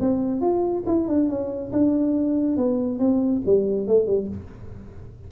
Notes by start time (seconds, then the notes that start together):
0.00 C4
0.41 F4
0.86 E4
1.08 D4
1.29 C#4
1.72 D4
2.57 B3
2.99 C4
3.45 G3
3.87 A3
4.06 G3